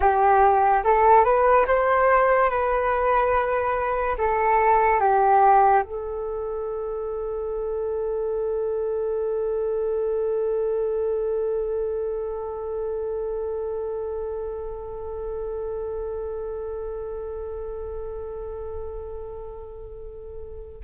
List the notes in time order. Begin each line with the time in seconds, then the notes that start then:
0.00 G4
0.84 A4
1.24 B4
1.67 C5
2.50 B4
4.18 A4
5.00 G4
5.83 A4